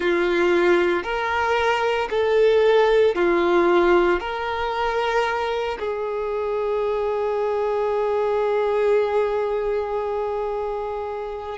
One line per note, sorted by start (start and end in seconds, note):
0.00 1.03 F4
1.03 2.08 A#4
2.10 3.15 A4
3.15 4.20 F4
4.20 5.78 A#4
5.79 11.58 G#4